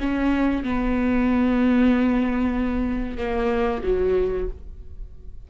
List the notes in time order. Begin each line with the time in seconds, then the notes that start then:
0.00 C#4
0.63 B3
3.18 A#3
3.83 F#3